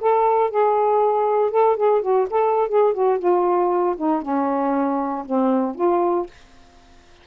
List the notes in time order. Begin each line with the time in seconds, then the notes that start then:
0.00 A4
0.50 G#4
1.51 A4
1.76 G#4
2.01 F#4
2.30 A4
2.68 G#4
2.93 F#4
3.18 F4
3.96 D#4
4.22 C#4
5.25 C4
5.75 F4